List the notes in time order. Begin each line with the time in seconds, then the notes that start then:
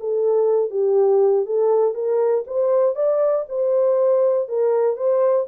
0.00 A4
0.70 G4
1.46 A4
1.94 A#4
2.47 C5
2.95 D5
3.49 C5
4.48 A#4
4.97 C5